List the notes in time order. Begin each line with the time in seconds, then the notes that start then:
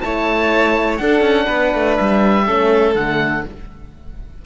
0.00 A3 E4 C#5 A5
0.97 D4 A4 F#5
1.21 C#4
1.46 B3 B4
1.74 A3
1.97 G3 E5
2.45 A3 C#4 A4
2.95 D3 A3 F#5